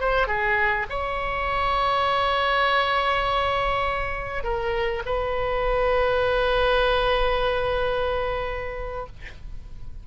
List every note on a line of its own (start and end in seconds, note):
0.00 0.27 C5
0.27 0.87 G#4
0.89 4.44 C#5
4.44 5.03 A#4
5.06 9.07 B4